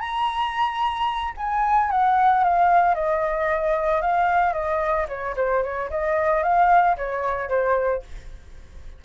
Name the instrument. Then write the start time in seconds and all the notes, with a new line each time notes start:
flute
0.00 A#5
1.37 G#5
1.90 F#5
2.44 F5
2.95 D#5
4.02 F5
4.53 D#5
5.08 C#5
5.36 C5
5.63 C#5
5.90 D#5
6.43 F5
6.97 C#5
7.49 C5